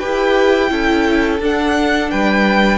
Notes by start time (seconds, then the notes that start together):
0.00 E4 G4 B4 G5
0.70 C#4 E4 A4
1.40 D4 F#5
2.11 G3 B4 G5